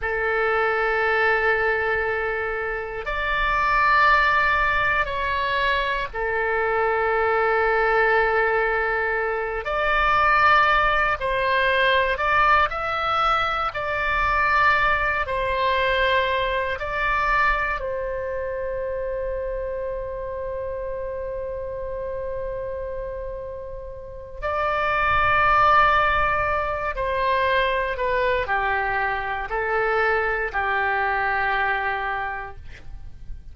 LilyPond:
\new Staff \with { instrumentName = "oboe" } { \time 4/4 \tempo 4 = 59 a'2. d''4~ | d''4 cis''4 a'2~ | a'4. d''4. c''4 | d''8 e''4 d''4. c''4~ |
c''8 d''4 c''2~ c''8~ | c''1 | d''2~ d''8 c''4 b'8 | g'4 a'4 g'2 | }